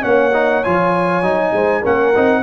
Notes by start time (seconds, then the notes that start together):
0.00 A#3 C#4 C#5 F#5
0.33 D#4
0.63 F3 F4 G#5
1.21 F#3 D#4
1.53 G#3 C5
1.80 A#3 C#4 A#4 F#5
2.15 C4 D#4